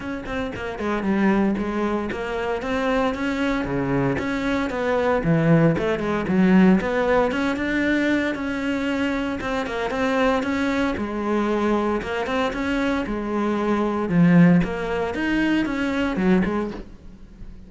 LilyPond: \new Staff \with { instrumentName = "cello" } { \time 4/4 \tempo 4 = 115 cis'8 c'8 ais8 gis8 g4 gis4 | ais4 c'4 cis'4 cis4 | cis'4 b4 e4 a8 gis8 | fis4 b4 cis'8 d'4. |
cis'2 c'8 ais8 c'4 | cis'4 gis2 ais8 c'8 | cis'4 gis2 f4 | ais4 dis'4 cis'4 fis8 gis8 | }